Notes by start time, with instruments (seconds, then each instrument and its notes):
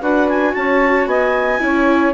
0.00 bassoon D4, viola F#4, saxophone B4, clarinet F#5
0.29 clarinet G#5
0.53 bassoon C#4, saxophone C#5, clarinet A5
1.06 bassoon B3, saxophone D#5, clarinet G#5
1.59 bassoon C#4, viola E4, saxophone C#5